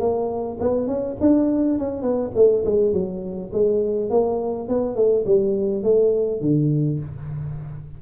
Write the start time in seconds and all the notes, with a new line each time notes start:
0.00 A#3
0.60 B3
0.87 C#4
1.20 D4
1.78 C#4
2.02 B3
2.35 A3
2.65 G#3
2.93 F#3
3.53 G#3
4.10 A#3
4.69 B3
4.96 A3
5.26 G3
5.83 A3
6.41 D3